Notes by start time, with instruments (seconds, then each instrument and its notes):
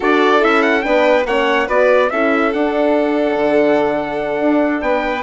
0.00 bassoon D4, horn F#4, violin A4, trumpet D5
0.40 bassoon C#4, horn E4, trumpet E5
0.62 trumpet F#5
0.81 bassoon B3, horn D4, violin B4, trumpet G5
1.25 bassoon A#3, horn C#4, violin C#5, trumpet F#5
1.67 bassoon B3, horn F#4, violin B4, trumpet D5
2.10 bassoon C#4, horn E4, violin A4, trumpet E5
2.52 bassoon D4, horn D4, trumpet F#5
3.36 bassoon D3
4.40 bassoon D4
4.81 bassoon B3, violin B4, trumpet G5